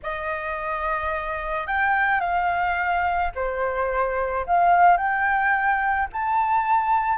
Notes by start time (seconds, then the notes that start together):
0.02 D#5
1.66 G5
2.20 F5
3.35 C5
4.46 F5
4.97 G5
6.12 A5